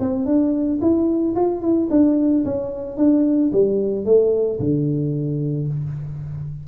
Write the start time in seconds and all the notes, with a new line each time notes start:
0.00 C4
0.26 D4
0.82 E4
1.36 F4
1.62 E4
1.91 D4
2.45 C#4
2.98 D4
3.53 G3
4.05 A3
4.60 D3